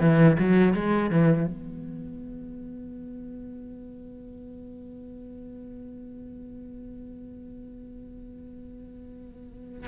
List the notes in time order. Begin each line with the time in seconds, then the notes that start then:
0.00 E3
0.39 F#3
0.74 G#3
1.10 E3
1.47 B3